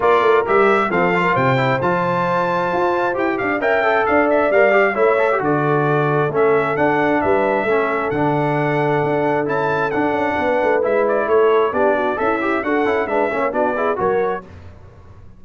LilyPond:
<<
  \new Staff \with { instrumentName = "trumpet" } { \time 4/4 \tempo 4 = 133 d''4 e''4 f''4 g''4 | a''2. g''8 f''8 | g''4 f''8 e''8 f''4 e''4 | d''2 e''4 fis''4 |
e''2 fis''2~ | fis''4 a''4 fis''2 | e''8 d''8 cis''4 d''4 e''4 | fis''4 e''4 d''4 cis''4 | }
  \new Staff \with { instrumentName = "horn" } { \time 4/4 ais'2 a'8. ais'16 c''4~ | c''2.~ c''8 d''8 | e''4 d''2 cis''4 | a'1 |
b'4 a'2.~ | a'2. b'4~ | b'4 a'4 g'8 fis'8 e'4 | a'4 b'8 cis''8 fis'8 gis'8 ais'4 | }
  \new Staff \with { instrumentName = "trombone" } { \time 4/4 f'4 g'4 c'8 f'4 e'8 | f'2. g'4 | ais'8 a'4. ais'8 g'8 e'8 a'16 g'16 | fis'2 cis'4 d'4~ |
d'4 cis'4 d'2~ | d'4 e'4 d'2 | e'2 d'4 a'8 g'8 | fis'8 e'8 d'8 cis'8 d'8 e'8 fis'4 | }
  \new Staff \with { instrumentName = "tuba" } { \time 4/4 ais8 a8 g4 f4 c4 | f2 f'4 e'8 d'8 | cis'4 d'4 g4 a4 | d2 a4 d'4 |
g4 a4 d2 | d'4 cis'4 d'8 cis'8 b8 a8 | gis4 a4 b4 cis'4 | d'8 cis'8 gis8 ais8 b4 fis4 | }
>>